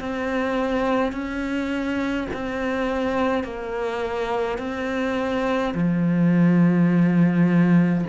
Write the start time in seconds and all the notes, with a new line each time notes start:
0.00 C4
1.13 C#4
2.34 C4
3.44 A#3
4.59 C4
5.75 F3